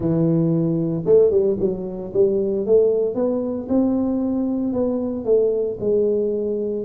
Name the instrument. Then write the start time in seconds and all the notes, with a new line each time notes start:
tuba
0.00 E3
1.05 A3
1.30 G3
1.59 F#3
2.13 G3
2.66 A3
3.15 B3
3.68 C4
4.73 B3
5.24 A3
5.80 G#3